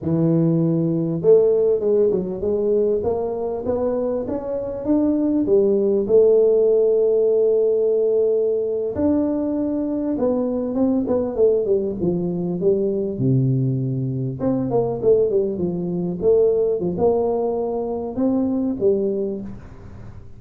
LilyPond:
\new Staff \with { instrumentName = "tuba" } { \time 4/4 \tempo 4 = 99 e2 a4 gis8 fis8 | gis4 ais4 b4 cis'4 | d'4 g4 a2~ | a2~ a8. d'4~ d'16~ |
d'8. b4 c'8 b8 a8 g8 f16~ | f8. g4 c2 c'16~ | c'16 ais8 a8 g8 f4 a4 f16 | ais2 c'4 g4 | }